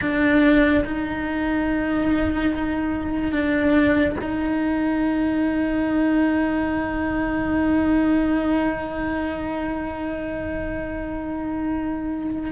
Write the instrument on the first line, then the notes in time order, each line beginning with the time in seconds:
cello
0.01 D4
0.84 D#4
3.32 D4
4.20 D#4